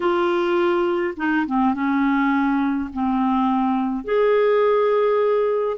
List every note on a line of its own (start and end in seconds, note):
0.00 1.14 F4
1.17 1.46 D#4
1.46 1.74 C4
1.74 2.89 C#4
2.93 4.04 C4
4.04 5.77 G#4